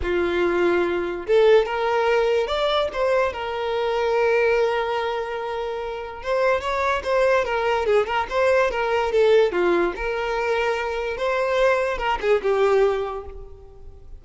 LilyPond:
\new Staff \with { instrumentName = "violin" } { \time 4/4 \tempo 4 = 145 f'2. a'4 | ais'2 d''4 c''4 | ais'1~ | ais'2. c''4 |
cis''4 c''4 ais'4 gis'8 ais'8 | c''4 ais'4 a'4 f'4 | ais'2. c''4~ | c''4 ais'8 gis'8 g'2 | }